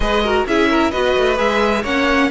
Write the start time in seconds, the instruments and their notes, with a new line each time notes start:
0.00 cello G#3, viola G#4, violin B4 D#5
0.24 viola F#4, violin A#4
0.46 cello C#4, viola E4, violin G#4 E5
0.69 violin A#4
0.91 cello B3, viola F#4, violin B4 D#5
1.17 cello A3
1.36 cello G#3, viola G#4, violin E5
1.82 cello A#3, viola C#4, violin C#5 F#5